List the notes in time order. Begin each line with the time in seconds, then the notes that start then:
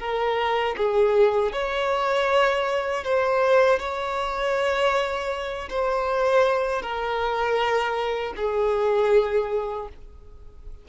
0.00 A#4
0.77 G#4
1.53 C#5
3.04 C5
3.79 C#5
5.70 C5
6.82 A#4
8.36 G#4